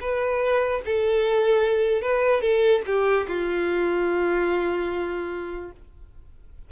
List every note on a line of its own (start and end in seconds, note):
0.00 0.81 B4
0.85 2.02 A4
2.02 2.41 B4
2.41 2.82 A4
2.86 3.26 G4
3.28 5.71 F4